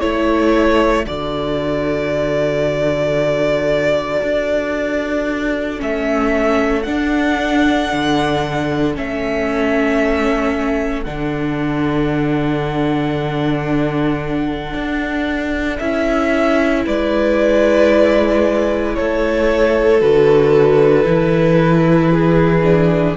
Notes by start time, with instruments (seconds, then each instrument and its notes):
0.00 cello A3, viola E4, violin A4 C#5
1.05 cello D3, viola F#4, violin D5
4.22 cello D4
5.78 cello A3, viola C#4, violin E5
6.83 viola D4, cello D4, violin F#5
7.93 cello D3
8.94 cello A3, viola C#4, violin E5
11.03 cello D3, viola D4, violin F#5
14.74 cello D4
15.78 cello C#4, viola E4, violin E5
16.85 cello G#3, violin B4 D5
18.95 cello A3, violin A4 C#5
20.00 cello D3, viola F#4, violin B4
21.04 cello E3, viola E4
22.12 violin G#4
22.63 viola D4